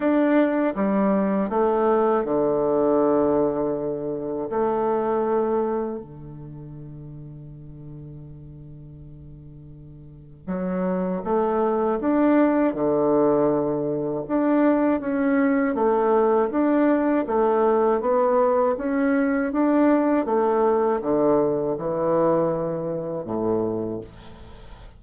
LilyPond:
\new Staff \with { instrumentName = "bassoon" } { \time 4/4 \tempo 4 = 80 d'4 g4 a4 d4~ | d2 a2 | d1~ | d2 fis4 a4 |
d'4 d2 d'4 | cis'4 a4 d'4 a4 | b4 cis'4 d'4 a4 | d4 e2 a,4 | }